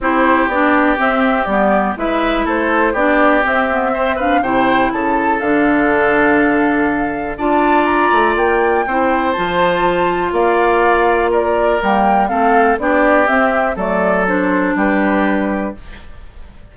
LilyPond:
<<
  \new Staff \with { instrumentName = "flute" } { \time 4/4 \tempo 4 = 122 c''4 d''4 e''4 d''4 | e''4 c''4 d''4 e''4~ | e''8 f''8 g''4 a''4 f''4~ | f''2. a''4 |
ais''4 g''2 a''4~ | a''4 f''2 d''4 | g''4 f''4 d''4 e''4 | d''4 c''4 b'2 | }
  \new Staff \with { instrumentName = "oboe" } { \time 4/4 g'1 | b'4 a'4 g'2 | c''8 b'8 c''4 a'2~ | a'2. d''4~ |
d''2 c''2~ | c''4 d''2 ais'4~ | ais'4 a'4 g'2 | a'2 g'2 | }
  \new Staff \with { instrumentName = "clarinet" } { \time 4/4 e'4 d'4 c'4 b4 | e'2 d'4 c'8 b8 | c'8 d'8 e'2 d'4~ | d'2. f'4~ |
f'2 e'4 f'4~ | f'1 | ais4 c'4 d'4 c'4 | a4 d'2. | }
  \new Staff \with { instrumentName = "bassoon" } { \time 4/4 c'4 b4 c'4 g4 | gis4 a4 b4 c'4~ | c'4 c4 cis4 d4~ | d2. d'4~ |
d'8 a8 ais4 c'4 f4~ | f4 ais2. | g4 a4 b4 c'4 | fis2 g2 | }
>>